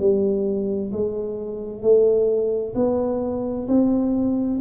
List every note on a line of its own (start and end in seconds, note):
0.00 0.92 G3
0.92 1.82 G#3
1.82 2.74 A3
2.76 3.68 B3
3.68 4.60 C4